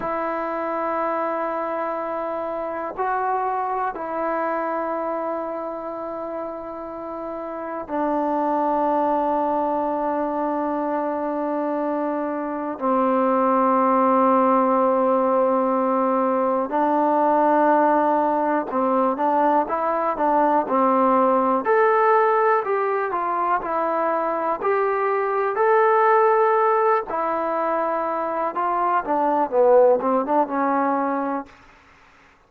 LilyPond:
\new Staff \with { instrumentName = "trombone" } { \time 4/4 \tempo 4 = 61 e'2. fis'4 | e'1 | d'1~ | d'4 c'2.~ |
c'4 d'2 c'8 d'8 | e'8 d'8 c'4 a'4 g'8 f'8 | e'4 g'4 a'4. e'8~ | e'4 f'8 d'8 b8 c'16 d'16 cis'4 | }